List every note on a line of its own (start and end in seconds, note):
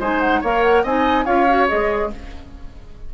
0.00 0.42 G#3
0.00 0.44 D#4
0.00 0.41 C5
0.00 0.21 G#5
0.21 0.42 F#5
0.41 0.84 A#3
0.41 0.87 A#4
0.41 0.83 C#5
0.41 0.63 F5
0.63 0.85 F#5
0.84 1.26 C4
0.84 1.26 D#4
0.84 1.25 D#5
0.84 1.26 G#5
1.25 1.70 C#4
1.25 1.47 F4
1.25 2.10 C#5
1.25 1.68 F5
1.50 1.68 F#4
1.68 2.15 G#3
1.68 2.11 G#4
1.68 2.11 D#5